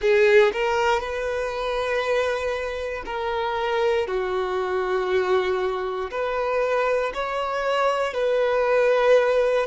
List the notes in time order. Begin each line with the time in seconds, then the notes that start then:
0.00 G#4
0.53 A#4
1.00 B4
3.05 A#4
4.07 F#4
6.10 B4
7.14 C#5
8.14 B4